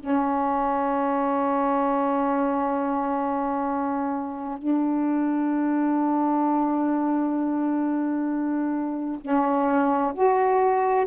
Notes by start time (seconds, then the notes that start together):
0.00 C#4
4.59 D4
9.21 C#4
10.15 F#4